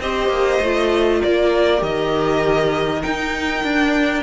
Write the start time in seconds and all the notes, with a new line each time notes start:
0.00 C4 G4 C5 D#5
0.29 A#3
0.61 A3 F4
1.20 A#3 A#4 D5
1.79 D#3 G4 D#5
3.02 D#4 G5
3.64 D4